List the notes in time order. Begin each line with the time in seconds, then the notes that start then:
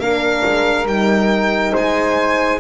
0.00 A#3 D4 A#4 F5
0.45 G#3
0.86 G3 D#4 G5
1.72 G#3 C5 G#5